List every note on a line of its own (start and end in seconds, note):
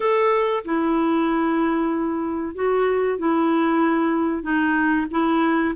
0.00 0.64 A4
0.64 2.55 E4
2.55 3.18 F#4
3.18 4.42 E4
4.42 5.06 D#4
5.10 5.74 E4